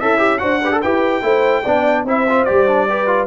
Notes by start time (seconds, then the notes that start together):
0.00 C#4 E4 A4 E5
0.18 G4
0.38 D4 F#4 C5 F#5
0.62 G4 B4
0.72 A4
0.82 E4 G4 B4 G5
1.22 A3 E4 C5
1.63 B3 D4 D5
2.04 C4 E4 C5 E5
2.29 F4
2.45 G3 G4 D5
2.67 D4
2.89 G4 B4
3.07 F4